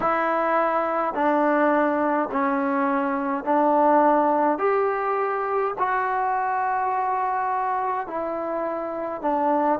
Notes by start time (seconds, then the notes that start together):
0.00 E4
1.13 D4
2.31 C#4
3.44 D4
4.58 G4
5.78 F#4
8.07 E4
9.22 D4